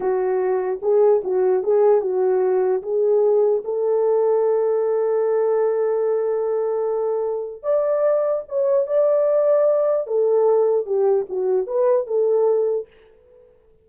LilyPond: \new Staff \with { instrumentName = "horn" } { \time 4/4 \tempo 4 = 149 fis'2 gis'4 fis'4 | gis'4 fis'2 gis'4~ | gis'4 a'2.~ | a'1~ |
a'2. d''4~ | d''4 cis''4 d''2~ | d''4 a'2 g'4 | fis'4 b'4 a'2 | }